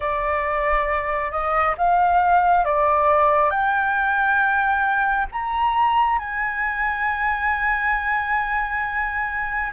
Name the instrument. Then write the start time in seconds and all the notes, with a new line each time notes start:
flute
0.00 D5
1.31 D#5
1.77 F5
2.64 D5
3.50 G5
5.32 A#5
6.18 G#5